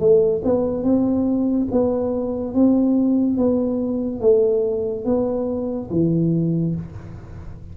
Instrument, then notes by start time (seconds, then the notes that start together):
tuba
0.00 A3
0.45 B3
0.84 C4
1.72 B3
2.55 C4
3.38 B3
4.21 A3
5.06 B3
5.91 E3